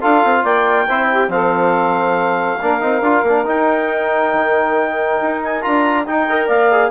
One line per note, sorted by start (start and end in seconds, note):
0.00 0.25 D4
0.00 0.88 F4
0.00 0.43 A4
0.00 0.45 F5
0.25 0.44 C4
0.44 0.87 A#3
0.44 0.87 D5
0.44 1.31 G5
0.89 1.29 C4
0.89 1.29 E4
0.89 1.10 C5
1.11 1.32 G4
1.29 2.58 F3
1.29 2.59 C4
1.29 2.62 A4
1.29 3.47 F5
2.62 2.83 A#3
2.62 2.81 D4
2.62 6.29 A#4
2.81 3.02 C4
2.81 3.03 D#4
3.02 3.23 D4
3.02 3.26 F4
3.24 3.45 A#3
3.24 3.46 D4
3.46 5.62 D#4
3.46 4.33 D#4
3.46 5.42 G5
4.33 5.20 D#3
5.22 5.65 D#4
5.44 5.62 G#5
5.62 6.08 D4
5.62 6.06 F4
5.62 6.06 A#5
6.07 6.28 D#4
6.07 6.49 D#4
6.07 6.48 G5
6.30 6.72 A#4
6.30 6.46 D#5
6.46 6.91 A#3
6.46 6.89 D5
6.46 6.91 F5
6.72 6.91 G#4